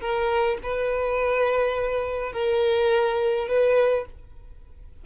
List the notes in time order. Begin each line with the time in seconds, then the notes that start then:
0.00 A#4
0.63 B4
2.32 A#4
3.47 B4